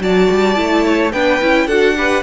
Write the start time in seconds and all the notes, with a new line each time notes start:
0.00 F#3 F#4 D5 A5
0.31 G3
0.56 A3 E4
0.85 C#5
1.12 B3 D4 B4 G5
1.41 C#4 E4
1.67 D4 F#4 A4 F#5
1.97 G4 B4